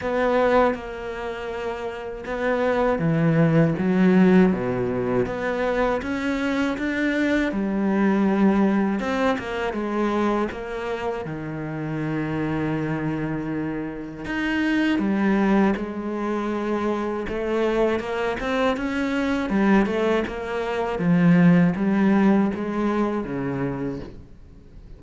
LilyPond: \new Staff \with { instrumentName = "cello" } { \time 4/4 \tempo 4 = 80 b4 ais2 b4 | e4 fis4 b,4 b4 | cis'4 d'4 g2 | c'8 ais8 gis4 ais4 dis4~ |
dis2. dis'4 | g4 gis2 a4 | ais8 c'8 cis'4 g8 a8 ais4 | f4 g4 gis4 cis4 | }